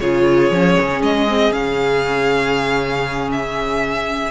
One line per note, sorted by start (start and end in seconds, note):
0.00 0.50 C#3
0.00 0.52 F4
0.00 4.30 G#4
0.00 1.02 C#5
0.50 0.76 F3
0.50 1.28 C#4
0.80 1.01 C#3
1.01 1.52 G#3
1.01 1.52 D#5
1.28 1.51 C4
1.51 4.30 C#3
1.51 4.30 C#4
1.51 3.30 F5
3.31 4.30 E5